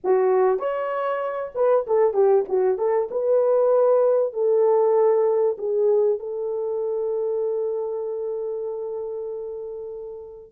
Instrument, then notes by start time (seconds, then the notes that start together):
horn
0.04 F#4
0.59 C#5
1.55 B4
1.86 A4
2.13 G4
2.48 F#4
2.78 A4
3.10 B4
4.33 A4
5.58 G#4
6.19 A4